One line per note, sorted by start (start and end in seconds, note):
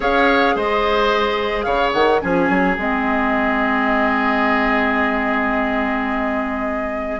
0.00 0.55 C#4
0.00 2.19 G#4
0.00 0.55 C#5
0.00 0.57 F5
0.55 1.66 G#3
0.55 1.65 C5
0.55 1.62 D#5
1.62 1.94 C#3
1.62 2.20 C#5
1.62 1.90 F5
1.92 2.21 D#3
1.92 2.20 F#5
2.20 2.49 F3
2.20 2.77 C#4
2.20 7.20 G#4
2.20 2.76 G#5
2.49 2.77 F#3
2.77 7.20 G#3
2.77 7.20 C4
2.77 7.20 D#5